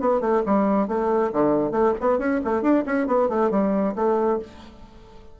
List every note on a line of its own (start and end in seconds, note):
0.00 0.21 B3
0.21 0.42 A3
0.46 0.88 G3
0.88 1.31 A3
1.33 1.71 D3
1.71 1.93 A3
2.00 2.19 B3
2.19 2.40 C#4
2.44 2.62 A3
2.62 2.84 D4
2.86 3.07 C#4
3.07 3.29 B3
3.29 3.51 A3
3.51 3.94 G3
3.95 4.39 A3